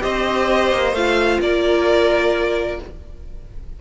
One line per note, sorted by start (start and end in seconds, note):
0.00 0.73 C4
0.00 0.92 G4
0.00 1.41 C5
0.00 0.94 D#5
0.73 0.92 A#3
0.92 1.38 A3
0.92 2.81 F4
0.92 1.41 F5
1.40 2.79 A#3
1.40 2.81 A#4
1.40 2.80 D5